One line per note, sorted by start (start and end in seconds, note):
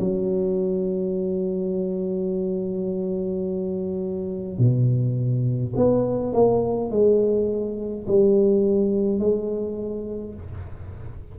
0.00 4.58 F#3
4.58 5.74 B2
5.76 6.33 B3
6.33 6.91 A#3
6.91 8.06 G#3
8.08 9.19 G3
9.19 10.35 G#3